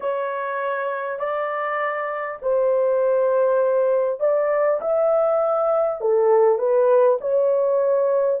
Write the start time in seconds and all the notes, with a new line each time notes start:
0.00 C#5
1.19 D5
2.42 C5
4.19 D5
4.80 E5
6.00 A4
6.58 B4
7.21 C#5